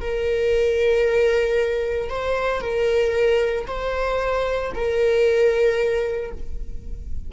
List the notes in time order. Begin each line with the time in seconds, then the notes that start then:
0.00 A#4
2.09 C5
2.61 A#4
3.67 C5
4.74 A#4